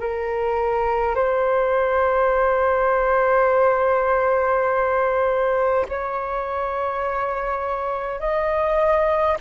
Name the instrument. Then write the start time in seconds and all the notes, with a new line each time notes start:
flute
0.00 A#4
1.15 C5
5.89 C#5
8.20 D#5